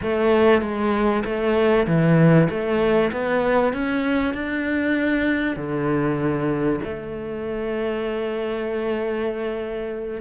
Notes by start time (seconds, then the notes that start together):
0.01 A3
0.61 G#3
1.24 A3
1.86 E3
2.49 A3
3.12 B3
3.73 C#4
4.34 D4
5.56 D3
6.84 A3